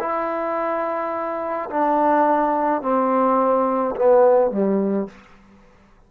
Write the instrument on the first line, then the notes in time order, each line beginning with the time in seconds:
trombone
0.00 E4
1.71 D4
2.82 C4
3.96 B3
4.51 G3